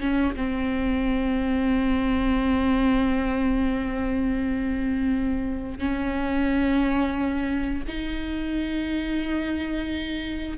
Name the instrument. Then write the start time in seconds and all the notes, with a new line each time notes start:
viola
0.00 C#4
0.36 C4
5.79 C#4
7.88 D#4